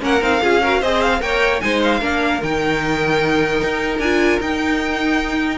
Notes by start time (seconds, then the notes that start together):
0.00 A#3 C#4 A#4 F#5
0.21 C4 D#4 F5
0.42 C#4 F4 G#4
0.63 F#4 A#4
0.80 C4 G#4 C5 D#5
1.02 F5
1.20 A#3 A#4 C#5 G5
1.61 G#3 D#4 C5 G#5
1.83 F5
2.00 A#3 D4 A#4
2.43 D#3 D#4 G5
3.64 D#4
3.99 D4 F4 G#5
4.40 D#4 G5